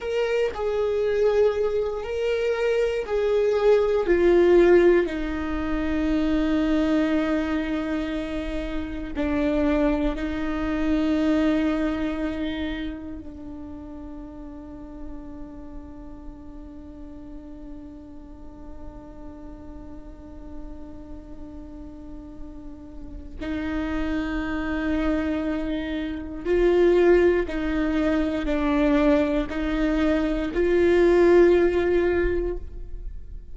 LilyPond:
\new Staff \with { instrumentName = "viola" } { \time 4/4 \tempo 4 = 59 ais'8 gis'4. ais'4 gis'4 | f'4 dis'2.~ | dis'4 d'4 dis'2~ | dis'4 d'2.~ |
d'1~ | d'2. dis'4~ | dis'2 f'4 dis'4 | d'4 dis'4 f'2 | }